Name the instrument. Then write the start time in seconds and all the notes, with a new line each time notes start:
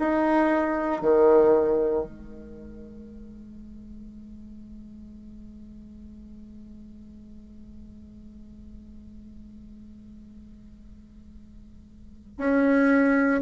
bassoon
0.00 D#4
1.02 D#3
2.05 G#3
12.38 C#4